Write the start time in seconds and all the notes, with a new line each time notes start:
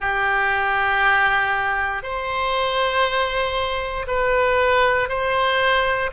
0.00 G4
2.02 C5
4.07 B4
5.08 C5